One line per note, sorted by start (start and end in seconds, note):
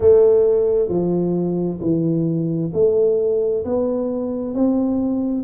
0.00 0.88 A3
0.88 1.79 F3
1.81 2.71 E3
2.73 3.64 A3
3.64 4.54 B3
4.54 5.44 C4